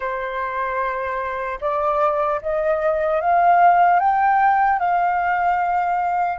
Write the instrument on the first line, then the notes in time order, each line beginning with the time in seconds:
flute
0.00 C5
1.60 D5
2.41 D#5
3.20 F5
3.99 G5
4.79 F5